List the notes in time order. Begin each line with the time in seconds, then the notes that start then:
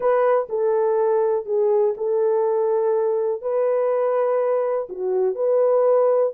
0.00 B4
0.49 A4
1.45 G#4
1.97 A4
3.41 B4
4.89 F#4
5.35 B4